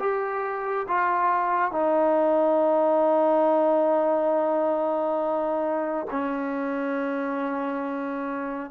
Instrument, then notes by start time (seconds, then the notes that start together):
trombone
0.00 G4
0.88 F4
1.72 D#4
6.11 C#4